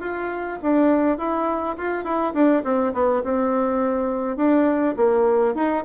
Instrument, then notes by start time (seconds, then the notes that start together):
bassoon
0.00 F4
0.62 D4
1.18 E4
1.77 F4
2.04 E4
2.34 D4
2.64 C4
2.93 B3
3.24 C4
4.37 D4
4.96 A#3
5.54 D#4